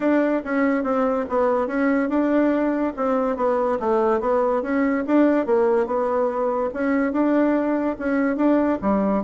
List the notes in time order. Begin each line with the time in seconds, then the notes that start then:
0.00 D4
0.44 C#4
0.83 C4
1.29 B3
1.67 C#4
2.09 D4
2.96 C4
3.36 B3
3.79 A3
4.20 B3
4.62 C#4
5.06 D4
5.46 A#3
5.86 B3
6.73 C#4
7.12 D4
7.98 C#4
8.36 D4
8.81 G3